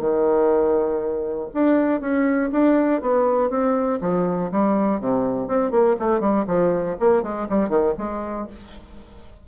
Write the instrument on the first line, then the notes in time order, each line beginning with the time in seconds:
bassoon
0.00 D#3
1.54 D4
2.01 C#4
2.52 D4
3.02 B3
3.50 C4
4.01 F3
4.52 G3
5.01 C3
5.48 C4
5.71 A#3
6.00 A3
6.21 G3
6.47 F3
7.00 A#3
7.23 G#3
7.49 G3
7.69 D#3
7.98 G#3